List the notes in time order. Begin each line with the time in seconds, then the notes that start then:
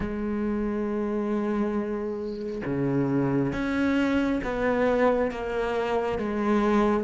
0.00 G#3
2.65 C#3
3.53 C#4
4.43 B3
5.31 A#3
6.18 G#3